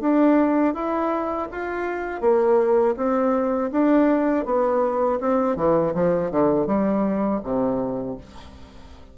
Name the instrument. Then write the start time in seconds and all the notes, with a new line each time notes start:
bassoon
0.00 D4
0.74 E4
1.52 F4
2.21 A#3
2.97 C4
3.72 D4
4.45 B3
5.20 C4
5.57 E3
5.94 F3
6.31 D3
6.67 G3
7.43 C3